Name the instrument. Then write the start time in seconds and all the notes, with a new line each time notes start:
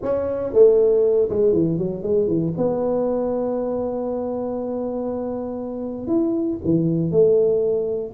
tuba
0.02 C#4
0.53 A3
1.29 G#3
1.53 E3
1.78 F#3
2.02 G#3
2.27 E3
2.57 B3
6.07 E4
6.64 E3
7.11 A3